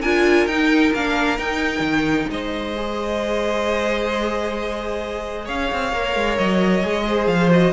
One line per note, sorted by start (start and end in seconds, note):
0.00 0.46 D4
0.00 0.49 F4
0.00 2.27 A#4
0.00 0.46 G#5
0.46 0.92 D#4
0.46 0.94 D#4
0.46 0.92 G5
0.93 1.38 A#3
0.93 1.38 D4
0.93 1.39 F5
1.38 2.74 D#4
1.38 1.79 D#4
1.38 2.30 G5
1.79 2.25 D#3
2.31 5.48 G#3
2.31 5.45 C5
2.31 5.48 D#5
2.76 5.93 G#4
5.45 5.71 C#4
5.45 7.04 C#5
5.45 6.37 F5
5.72 5.93 C4
5.93 6.15 A#3
5.93 6.83 A#4
6.15 6.38 G#3
6.37 6.84 F#3
6.37 7.27 D#5
6.83 7.27 G#3
6.83 7.50 G#4
7.07 7.72 C5
7.27 7.72 F3
7.27 7.50 F5
7.50 7.72 F#4
7.50 7.72 D#5